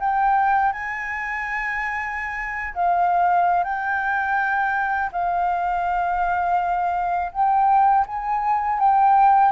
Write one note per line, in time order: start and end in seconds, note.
0.00 0.73 G5
0.73 2.74 G#5
2.75 3.64 F5
3.64 5.11 G5
5.13 7.32 F5
7.33 8.06 G5
8.07 8.79 G#5
8.79 9.52 G5